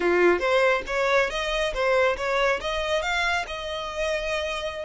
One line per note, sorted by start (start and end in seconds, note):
0.00 0.39 F4
0.39 0.82 C5
0.86 1.29 C#5
1.30 1.73 D#5
1.73 2.16 C5
2.16 2.60 C#5
2.60 3.02 D#5
3.02 3.45 F5
3.47 4.85 D#5